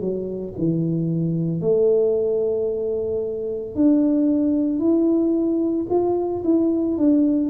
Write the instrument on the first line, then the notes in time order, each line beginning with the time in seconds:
tuba
0.00 F#3
0.57 E3
1.60 A3
3.75 D4
4.79 E4
5.89 F4
6.44 E4
6.97 D4